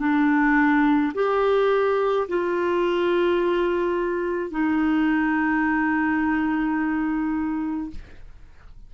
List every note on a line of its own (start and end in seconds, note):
0.00 1.13 D4
1.15 2.28 G4
2.29 4.51 F4
4.51 7.90 D#4